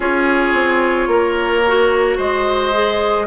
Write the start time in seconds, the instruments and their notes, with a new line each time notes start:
0.00 bassoon C#4, clarinet F4, oboe G#4, flute C#5
0.53 bassoon C4
1.07 bassoon A#3, oboe A#4
1.67 clarinet F#4
2.17 bassoon G#3, oboe C5, flute D#5
2.72 clarinet G#4